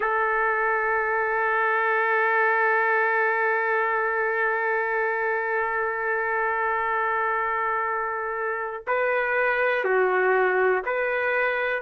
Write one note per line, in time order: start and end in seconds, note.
0.00 8.84 A4
8.87 9.84 B4
9.84 10.82 F#4
10.85 11.81 B4